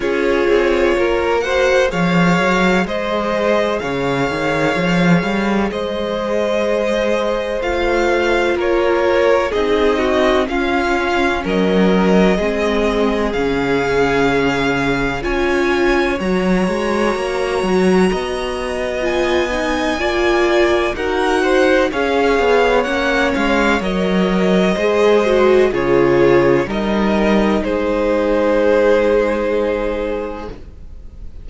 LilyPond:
<<
  \new Staff \with { instrumentName = "violin" } { \time 4/4 \tempo 4 = 63 cis''4. fis''8 f''4 dis''4 | f''2 dis''2 | f''4 cis''4 dis''4 f''4 | dis''2 f''2 |
gis''4 ais''2. | gis''2 fis''4 f''4 | fis''8 f''8 dis''2 cis''4 | dis''4 c''2. | }
  \new Staff \with { instrumentName = "violin" } { \time 4/4 gis'4 ais'8 c''8 cis''4 c''4 | cis''2 c''2~ | c''4 ais'4 gis'8 fis'8 f'4 | ais'4 gis'2. |
cis''2. dis''4~ | dis''4 d''4 ais'8 c''8 cis''4~ | cis''2 c''4 gis'4 | ais'4 gis'2. | }
  \new Staff \with { instrumentName = "viola" } { \time 4/4 f'4. fis'8 gis'2~ | gis'1 | f'2 dis'4 cis'4~ | cis'4 c'4 cis'2 |
f'4 fis'2. | f'8 dis'8 f'4 fis'4 gis'4 | cis'4 ais'4 gis'8 fis'8 f'4 | dis'1 | }
  \new Staff \with { instrumentName = "cello" } { \time 4/4 cis'8 c'8 ais4 f8 fis8 gis4 | cis8 dis8 f8 g8 gis2 | a4 ais4 c'4 cis'4 | fis4 gis4 cis2 |
cis'4 fis8 gis8 ais8 fis8 b4~ | b4 ais4 dis'4 cis'8 b8 | ais8 gis8 fis4 gis4 cis4 | g4 gis2. | }
>>